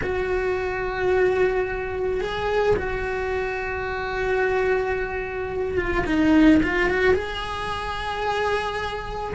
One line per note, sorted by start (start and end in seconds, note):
0.03 2.20 F#4
2.20 2.75 G#4
2.76 5.77 F#4
5.77 6.05 F4
6.06 6.61 D#4
6.63 6.89 F4
6.89 7.14 F#4
7.14 9.34 G#4